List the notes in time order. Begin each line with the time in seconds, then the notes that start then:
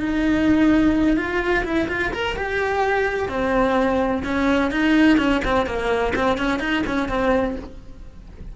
0.00 D#4
1.16 F4
1.64 E4
1.88 F4
2.12 A#4
2.36 G4
3.29 C4
4.23 C#4
4.71 D#4
5.18 C#4
5.44 C4
5.66 A#3
6.15 C4
6.38 C#4
6.59 D#4
6.87 C#4
7.08 C4